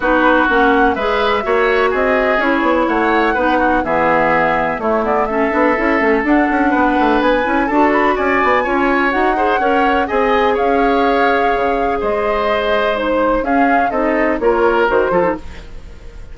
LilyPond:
<<
  \new Staff \with { instrumentName = "flute" } { \time 4/4 \tempo 4 = 125 b'4 fis''4 e''2 | dis''4 cis''4 fis''2 | e''2 cis''8 d''8 e''4~ | e''4 fis''2 gis''4 |
a''8 b''8 gis''2 fis''4~ | fis''4 gis''4 f''2~ | f''4 dis''2 c''4 | f''4 dis''4 cis''4 c''4 | }
  \new Staff \with { instrumentName = "oboe" } { \time 4/4 fis'2 b'4 cis''4 | gis'2 cis''4 b'8 fis'8 | gis'2 e'4 a'4~ | a'2 b'2 |
a'4 d''4 cis''4. c''8 | cis''4 dis''4 cis''2~ | cis''4 c''2. | gis'4 a'4 ais'4. a'8 | }
  \new Staff \with { instrumentName = "clarinet" } { \time 4/4 dis'4 cis'4 gis'4 fis'4~ | fis'4 e'2 dis'4 | b2 a8 b8 cis'8 d'8 | e'8 cis'8 d'2~ d'8 e'8 |
fis'2 f'4 fis'8 gis'8 | ais'4 gis'2.~ | gis'2. dis'4 | cis'4 dis'4 f'4 fis'8 f'16 dis'16 | }
  \new Staff \with { instrumentName = "bassoon" } { \time 4/4 b4 ais4 gis4 ais4 | c'4 cis'8 b8 a4 b4 | e2 a4. b8 | cis'8 a8 d'8 cis'8 b8 a8 b8 cis'8 |
d'4 cis'8 b8 cis'4 dis'4 | cis'4 c'4 cis'2 | cis4 gis2. | cis'4 c'4 ais4 dis8 f8 | }
>>